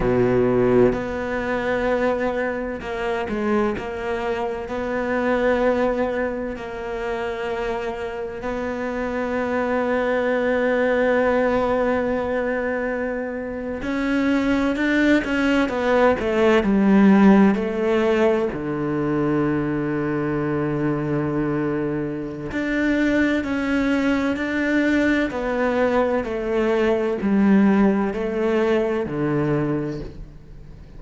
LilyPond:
\new Staff \with { instrumentName = "cello" } { \time 4/4 \tempo 4 = 64 b,4 b2 ais8 gis8 | ais4 b2 ais4~ | ais4 b2.~ | b2~ b8. cis'4 d'16~ |
d'16 cis'8 b8 a8 g4 a4 d16~ | d1 | d'4 cis'4 d'4 b4 | a4 g4 a4 d4 | }